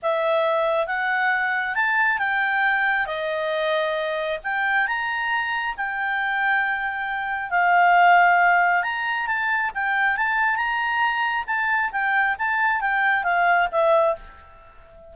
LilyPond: \new Staff \with { instrumentName = "clarinet" } { \time 4/4 \tempo 4 = 136 e''2 fis''2 | a''4 g''2 dis''4~ | dis''2 g''4 ais''4~ | ais''4 g''2.~ |
g''4 f''2. | ais''4 a''4 g''4 a''4 | ais''2 a''4 g''4 | a''4 g''4 f''4 e''4 | }